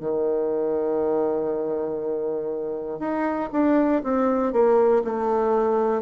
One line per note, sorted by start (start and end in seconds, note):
0.00 3.00 D#3
3.00 3.50 D#4
3.52 4.02 D4
4.04 4.52 C4
4.52 5.02 A#3
5.04 6.01 A3